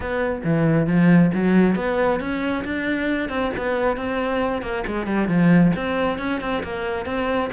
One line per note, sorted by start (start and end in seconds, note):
0.00 0.42 B3
0.44 0.87 E3
0.87 1.31 F3
1.34 1.75 F#3
1.75 2.19 B3
2.20 2.64 C#4
2.64 3.29 D4
3.29 3.51 C4
3.57 3.96 B3
3.96 4.61 C4
4.61 4.83 A#3
4.86 5.06 G#3
5.06 5.28 G3
5.28 5.72 F3
5.76 6.18 C4
6.18 6.40 C#4
6.41 6.63 C4
6.63 7.05 A#3
7.05 7.49 C4